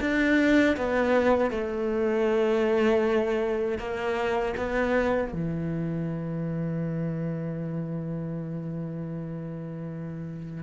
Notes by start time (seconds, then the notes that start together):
0.00 D4
0.76 B3
1.51 A3
3.78 A#3
4.57 B3
5.33 E3